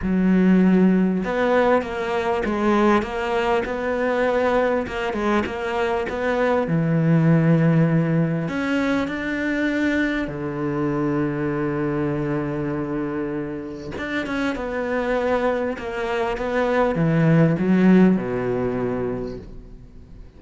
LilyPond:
\new Staff \with { instrumentName = "cello" } { \time 4/4 \tempo 4 = 99 fis2 b4 ais4 | gis4 ais4 b2 | ais8 gis8 ais4 b4 e4~ | e2 cis'4 d'4~ |
d'4 d2.~ | d2. d'8 cis'8 | b2 ais4 b4 | e4 fis4 b,2 | }